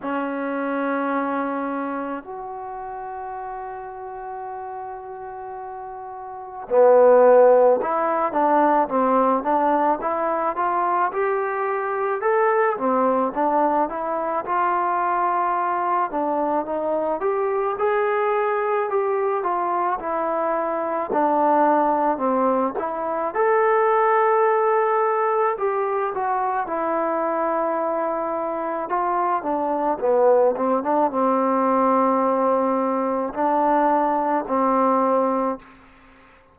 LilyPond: \new Staff \with { instrumentName = "trombone" } { \time 4/4 \tempo 4 = 54 cis'2 fis'2~ | fis'2 b4 e'8 d'8 | c'8 d'8 e'8 f'8 g'4 a'8 c'8 | d'8 e'8 f'4. d'8 dis'8 g'8 |
gis'4 g'8 f'8 e'4 d'4 | c'8 e'8 a'2 g'8 fis'8 | e'2 f'8 d'8 b8 c'16 d'16 | c'2 d'4 c'4 | }